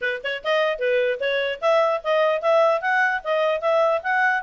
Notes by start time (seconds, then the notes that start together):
0.01 B4
0.23 C#5
0.44 D#5
0.79 B4
1.20 C#5
1.61 E5
2.03 D#5
2.41 E5
2.81 F#5
3.24 D#5
3.61 E5
4.03 F#5